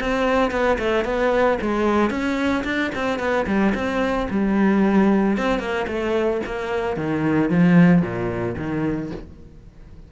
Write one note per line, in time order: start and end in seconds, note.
0.00 0.51 C4
0.51 0.78 B3
0.78 1.05 A3
1.05 1.58 B3
1.61 2.10 G#3
2.10 2.63 C#4
2.64 2.91 D4
2.95 3.19 C4
3.19 3.46 B3
3.46 3.73 G3
3.74 4.28 C4
4.30 5.37 G3
5.37 5.59 C4
5.59 5.86 A#3
5.87 6.41 A3
6.46 6.96 A#3
6.96 7.50 D#3
7.50 8.02 F3
8.02 8.55 A#2
8.57 9.11 D#3